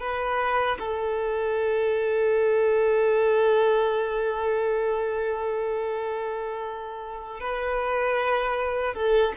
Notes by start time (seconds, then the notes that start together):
0.00 B4
0.79 A4
7.40 B4
8.94 A4